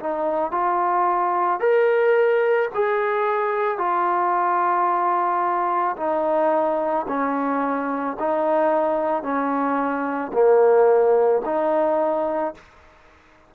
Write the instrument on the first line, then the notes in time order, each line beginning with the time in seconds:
trombone
0.00 D#4
0.52 F4
1.60 A#4
2.75 G#4
3.78 F4
5.97 D#4
7.08 C#4
8.20 D#4
9.23 C#4
10.33 A#3
11.45 D#4